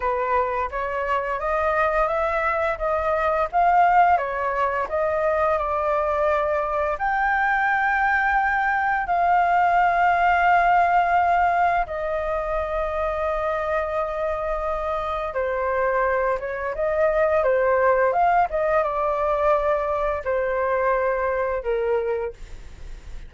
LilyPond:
\new Staff \with { instrumentName = "flute" } { \time 4/4 \tempo 4 = 86 b'4 cis''4 dis''4 e''4 | dis''4 f''4 cis''4 dis''4 | d''2 g''2~ | g''4 f''2.~ |
f''4 dis''2.~ | dis''2 c''4. cis''8 | dis''4 c''4 f''8 dis''8 d''4~ | d''4 c''2 ais'4 | }